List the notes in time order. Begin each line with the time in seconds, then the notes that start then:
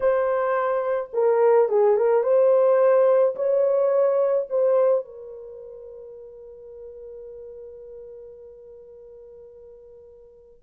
0.00 C5
1.13 A#4
1.68 G#4
1.96 A#4
2.23 C5
3.35 C#5
4.49 C5
5.04 A#4